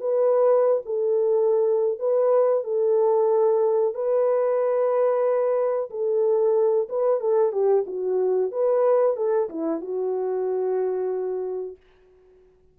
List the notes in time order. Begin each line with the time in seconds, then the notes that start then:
0.00 B4
0.85 A4
1.99 B4
2.64 A4
3.94 B4
5.90 A4
6.89 B4
7.20 A4
7.52 G4
7.86 F#4
8.51 B4
9.17 A4
9.50 E4
9.81 F#4